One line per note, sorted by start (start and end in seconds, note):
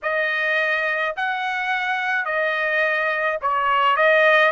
0.02 1.15 D#5
1.16 2.25 F#5
2.25 3.38 D#5
3.41 3.96 C#5
3.96 4.51 D#5